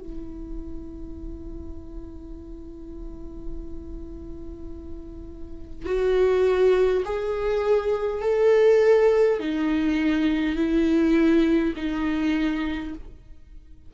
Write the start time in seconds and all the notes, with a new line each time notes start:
0.00 E4
5.86 F#4
7.05 G#4
8.22 A4
9.40 D#4
10.56 E4
11.76 D#4